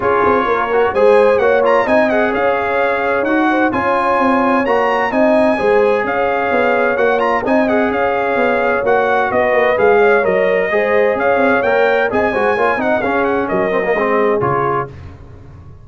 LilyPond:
<<
  \new Staff \with { instrumentName = "trumpet" } { \time 4/4 \tempo 4 = 129 cis''2 gis''4 fis''8 ais''8 | gis''8 fis''8 f''2 fis''4 | gis''2 ais''4 gis''4~ | gis''4 f''2 fis''8 ais''8 |
gis''8 fis''8 f''2 fis''4 | dis''4 f''4 dis''2 | f''4 g''4 gis''4. fis''8 | f''8 fis''8 dis''2 cis''4 | }
  \new Staff \with { instrumentName = "horn" } { \time 4/4 gis'4 ais'4 c''4 cis''4 | dis''4 cis''2~ cis''8 c''8 | cis''2. dis''4 | c''4 cis''2. |
dis''4 cis''2. | b'4. cis''4. c''4 | cis''2 dis''8 c''8 cis''8 dis''8 | gis'4 ais'4 gis'2 | }
  \new Staff \with { instrumentName = "trombone" } { \time 4/4 f'4. fis'8 gis'4 fis'8 f'8 | dis'8 gis'2~ gis'8 fis'4 | f'2 fis'4 dis'4 | gis'2. fis'8 f'8 |
dis'8 gis'2~ gis'8 fis'4~ | fis'4 gis'4 ais'4 gis'4~ | gis'4 ais'4 gis'8 fis'8 f'8 dis'8 | cis'4. c'16 ais16 c'4 f'4 | }
  \new Staff \with { instrumentName = "tuba" } { \time 4/4 cis'8 c'8 ais4 gis4 ais4 | c'4 cis'2 dis'4 | cis'4 c'4 ais4 c'4 | gis4 cis'4 b4 ais4 |
c'4 cis'4 b4 ais4 | b8 ais8 gis4 fis4 gis4 | cis'8 c'8 ais4 c'8 gis8 ais8 c'8 | cis'4 fis4 gis4 cis4 | }
>>